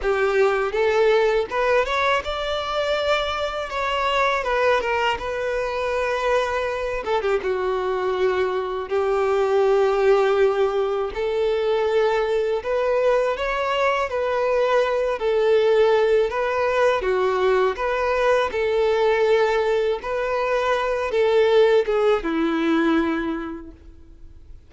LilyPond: \new Staff \with { instrumentName = "violin" } { \time 4/4 \tempo 4 = 81 g'4 a'4 b'8 cis''8 d''4~ | d''4 cis''4 b'8 ais'8 b'4~ | b'4. a'16 g'16 fis'2 | g'2. a'4~ |
a'4 b'4 cis''4 b'4~ | b'8 a'4. b'4 fis'4 | b'4 a'2 b'4~ | b'8 a'4 gis'8 e'2 | }